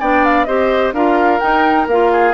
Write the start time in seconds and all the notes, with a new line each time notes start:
0.00 B3 D4 D5 G5
0.25 F5
0.45 C4 G4 C5 D#5
0.93 D4 F4 A#4 F5
1.39 D#4 G5
1.87 A#3 F4 F5
2.12 G#4